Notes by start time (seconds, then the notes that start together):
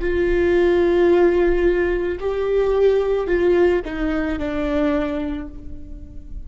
0.00 F4
2.20 G4
3.27 F4
3.84 D#4
4.38 D4